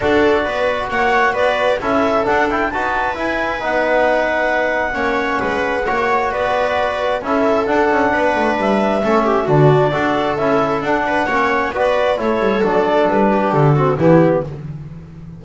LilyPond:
<<
  \new Staff \with { instrumentName = "clarinet" } { \time 4/4 \tempo 4 = 133 d''2 fis''4 d''4 | e''4 fis''8 g''8 a''4 gis''4 | fis''1~ | fis''2 d''2 |
e''4 fis''2 e''4~ | e''4 d''2 e''4 | fis''2 d''4 cis''4 | d''4 b'4 a'4 g'4 | }
  \new Staff \with { instrumentName = "viola" } { \time 4/4 a'4 b'4 cis''4 b'4 | a'2 b'2~ | b'2. cis''4 | b'4 cis''4 b'2 |
a'2 b'2 | a'8 g'8 fis'4 a'2~ | a'8 b'8 cis''4 b'4 a'4~ | a'4. g'4 fis'8 e'4 | }
  \new Staff \with { instrumentName = "trombone" } { \time 4/4 fis'1 | e'4 d'8 e'8 fis'4 e'4 | dis'2. cis'4~ | cis'4 fis'2. |
e'4 d'2. | cis'4 d'4 fis'4 e'4 | d'4 cis'4 fis'4 e'4 | d'2~ d'8 c'8 b4 | }
  \new Staff \with { instrumentName = "double bass" } { \time 4/4 d'4 b4 ais4 b4 | cis'4 d'4 dis'4 e'4 | b2. ais4 | gis4 ais4 b2 |
cis'4 d'8 cis'8 b8 a8 g4 | a4 d4 d'4 cis'4 | d'4 ais4 b4 a8 g8 | fis4 g4 d4 e4 | }
>>